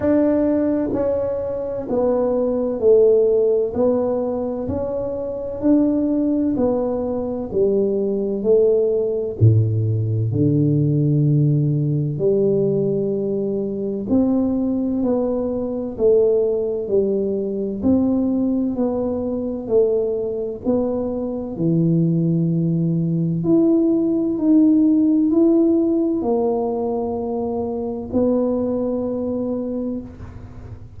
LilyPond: \new Staff \with { instrumentName = "tuba" } { \time 4/4 \tempo 4 = 64 d'4 cis'4 b4 a4 | b4 cis'4 d'4 b4 | g4 a4 a,4 d4~ | d4 g2 c'4 |
b4 a4 g4 c'4 | b4 a4 b4 e4~ | e4 e'4 dis'4 e'4 | ais2 b2 | }